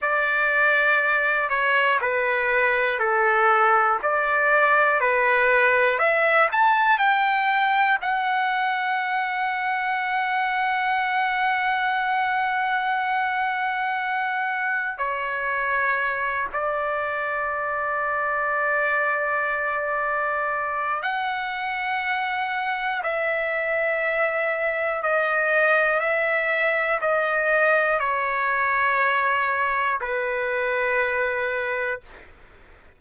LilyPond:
\new Staff \with { instrumentName = "trumpet" } { \time 4/4 \tempo 4 = 60 d''4. cis''8 b'4 a'4 | d''4 b'4 e''8 a''8 g''4 | fis''1~ | fis''2. cis''4~ |
cis''8 d''2.~ d''8~ | d''4 fis''2 e''4~ | e''4 dis''4 e''4 dis''4 | cis''2 b'2 | }